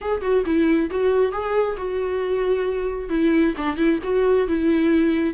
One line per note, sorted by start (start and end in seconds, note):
0.01 0.21 G#4
0.21 0.43 F#4
0.45 0.89 E4
0.90 1.32 F#4
1.32 1.76 G#4
1.77 3.09 F#4
3.09 3.53 E4
3.57 3.76 D4
3.76 3.99 E4
4.03 4.47 F#4
4.47 5.34 E4